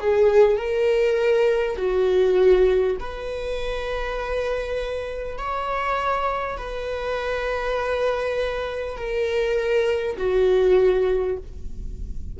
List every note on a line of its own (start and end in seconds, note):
0.00 0.57 G#4
0.57 1.77 A#4
1.77 2.97 F#4
2.99 5.38 B4
5.38 6.57 C#5
6.57 8.97 B4
8.97 10.17 A#4
10.17 11.37 F#4